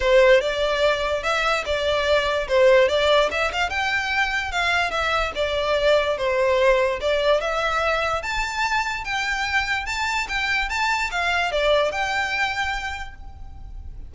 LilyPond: \new Staff \with { instrumentName = "violin" } { \time 4/4 \tempo 4 = 146 c''4 d''2 e''4 | d''2 c''4 d''4 | e''8 f''8 g''2 f''4 | e''4 d''2 c''4~ |
c''4 d''4 e''2 | a''2 g''2 | a''4 g''4 a''4 f''4 | d''4 g''2. | }